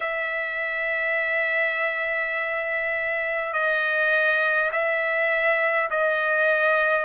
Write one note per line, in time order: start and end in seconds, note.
0.00 3.53 E5
3.53 4.71 D#5
4.72 5.89 E5
5.90 7.05 D#5